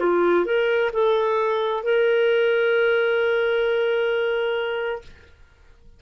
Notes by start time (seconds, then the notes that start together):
0.00 F4
0.46 A#4
0.93 A4
1.84 A#4